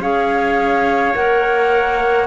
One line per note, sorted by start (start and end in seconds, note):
0.00 1.13 C#4
0.00 1.14 G#4
0.00 2.27 C#5
0.00 1.15 F5
1.14 2.27 A#3
1.14 2.27 A#4
1.14 2.27 F#5